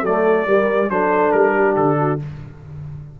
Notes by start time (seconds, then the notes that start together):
0.00 F#3 A4 D5
0.06 A3
0.46 G3 A#4
0.89 F#3 D4 A4 C5
1.31 G3 A#4
1.55 G4
1.75 D3 A4
1.98 F#4